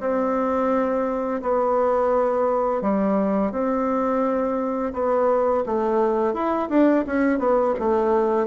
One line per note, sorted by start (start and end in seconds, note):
0.00 1.41 C4
1.42 2.81 B3
2.81 3.52 G3
3.52 4.93 C4
4.93 5.64 B3
5.66 6.34 A3
6.34 6.69 E4
6.69 7.05 D4
7.06 7.39 C#4
7.39 7.74 B3
7.79 8.47 A3